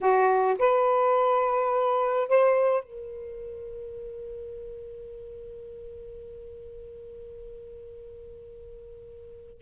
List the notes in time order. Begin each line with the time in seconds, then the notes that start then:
0.00 F#4
0.58 B4
2.28 C5
2.83 A#4